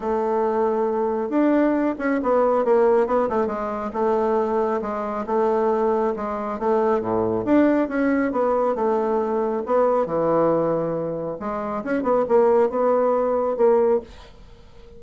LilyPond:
\new Staff \with { instrumentName = "bassoon" } { \time 4/4 \tempo 4 = 137 a2. d'4~ | d'8 cis'8 b4 ais4 b8 a8 | gis4 a2 gis4 | a2 gis4 a4 |
a,4 d'4 cis'4 b4 | a2 b4 e4~ | e2 gis4 cis'8 b8 | ais4 b2 ais4 | }